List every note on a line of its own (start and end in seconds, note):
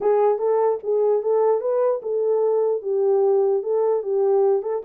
0.00 0.38 G#4
0.38 0.79 A4
0.83 1.22 G#4
1.22 1.60 A4
1.60 2.01 B4
2.02 2.82 A4
2.82 3.62 G4
3.62 4.02 A4
4.02 4.62 G4
4.62 4.82 A4